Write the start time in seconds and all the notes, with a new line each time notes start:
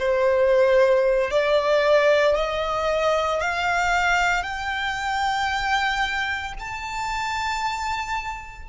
0.00 C5
1.31 D5
2.36 D#5
3.42 F5
4.44 G5
6.60 A5